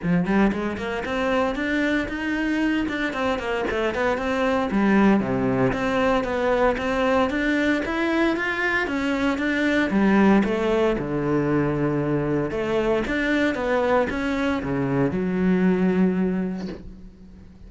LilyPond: \new Staff \with { instrumentName = "cello" } { \time 4/4 \tempo 4 = 115 f8 g8 gis8 ais8 c'4 d'4 | dis'4. d'8 c'8 ais8 a8 b8 | c'4 g4 c4 c'4 | b4 c'4 d'4 e'4 |
f'4 cis'4 d'4 g4 | a4 d2. | a4 d'4 b4 cis'4 | cis4 fis2. | }